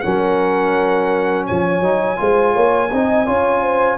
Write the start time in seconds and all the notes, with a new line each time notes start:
0.00 F#3 C#4 A#4 F#5
1.46 F3 C#5 G#5
1.81 F#3 D#4
2.17 G#3 F4 C5
2.53 A#3 C#5
2.92 C4 D#4 D#5
3.26 C#4 F4 C#5
3.61 C5